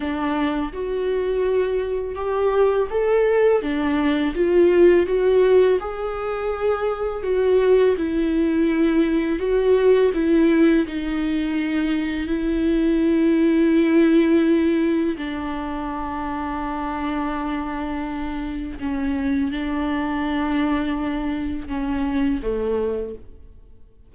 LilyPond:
\new Staff \with { instrumentName = "viola" } { \time 4/4 \tempo 4 = 83 d'4 fis'2 g'4 | a'4 d'4 f'4 fis'4 | gis'2 fis'4 e'4~ | e'4 fis'4 e'4 dis'4~ |
dis'4 e'2.~ | e'4 d'2.~ | d'2 cis'4 d'4~ | d'2 cis'4 a4 | }